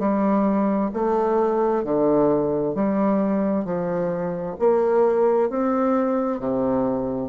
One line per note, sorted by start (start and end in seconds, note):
0.00 0.91 G3
0.94 1.84 A3
1.84 2.75 D3
2.76 3.65 G3
3.65 4.56 F3
4.60 5.50 A#3
5.50 6.40 C4
6.40 7.30 C3